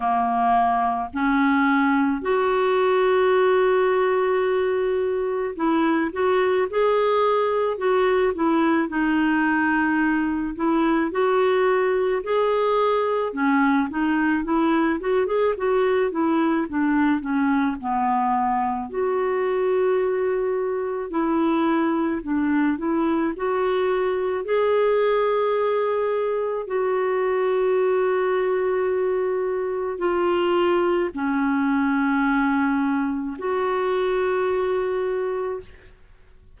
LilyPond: \new Staff \with { instrumentName = "clarinet" } { \time 4/4 \tempo 4 = 54 ais4 cis'4 fis'2~ | fis'4 e'8 fis'8 gis'4 fis'8 e'8 | dis'4. e'8 fis'4 gis'4 | cis'8 dis'8 e'8 fis'16 gis'16 fis'8 e'8 d'8 cis'8 |
b4 fis'2 e'4 | d'8 e'8 fis'4 gis'2 | fis'2. f'4 | cis'2 fis'2 | }